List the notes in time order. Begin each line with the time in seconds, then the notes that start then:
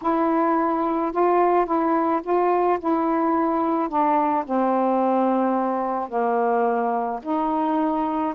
0.02 E4
1.12 F4
1.65 E4
2.23 F4
2.79 E4
3.88 D4
4.45 C4
6.08 A#3
7.22 D#4